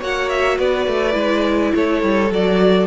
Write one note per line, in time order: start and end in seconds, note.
0.00 0.59 A#3
0.00 1.12 F#4
0.00 0.58 C#5
0.00 0.30 F#5
0.30 0.58 E5
0.58 0.87 B3
0.58 1.73 B4
0.58 1.75 D5
0.87 1.15 A3
1.12 1.73 G#3
1.12 2.28 E4
1.75 2.03 A3
1.75 2.87 A4
1.75 2.33 C#5
2.03 2.31 G3
2.31 2.87 F#3
2.31 2.87 F#4
2.31 2.87 D5